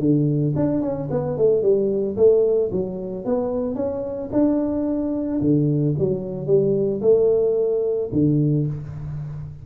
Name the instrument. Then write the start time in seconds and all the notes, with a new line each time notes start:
tuba
0.00 D3
0.56 D4
0.82 C#4
1.11 B3
1.38 A3
1.63 G3
2.17 A3
2.72 F#3
3.25 B3
3.76 C#4
4.33 D4
5.42 D3
5.99 F#3
6.47 G3
7.02 A3
8.13 D3